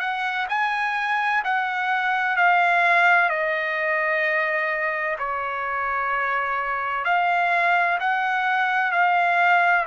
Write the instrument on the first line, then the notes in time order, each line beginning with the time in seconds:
trumpet
0.00 F#5
0.49 G#5
1.44 F#5
2.37 F5
3.30 D#5
5.19 C#5
7.05 F5
8.00 F#5
8.92 F5